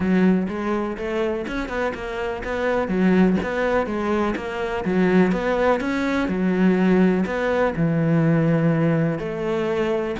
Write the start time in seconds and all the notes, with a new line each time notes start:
0.00 F#3
0.48 G#3
0.97 A3
1.47 C#4
1.68 B3
1.94 A#3
2.43 B3
2.88 F#3
3.42 B3
3.86 G#3
4.35 A#3
4.84 F#3
5.32 B3
5.80 C#4
6.28 F#3
7.25 B3
7.76 E3
9.18 A3